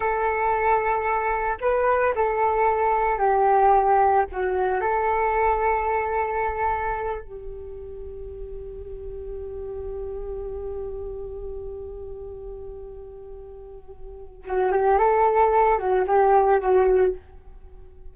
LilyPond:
\new Staff \with { instrumentName = "flute" } { \time 4/4 \tempo 4 = 112 a'2. b'4 | a'2 g'2 | fis'4 a'2.~ | a'4. g'2~ g'8~ |
g'1~ | g'1~ | g'2. fis'8 g'8 | a'4. fis'8 g'4 fis'4 | }